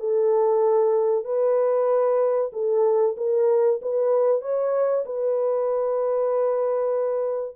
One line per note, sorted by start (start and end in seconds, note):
0.00 1.25 A4
1.25 2.51 B4
2.53 3.16 A4
3.18 3.81 A#4
3.82 4.42 B4
4.42 5.05 C#5
5.06 7.56 B4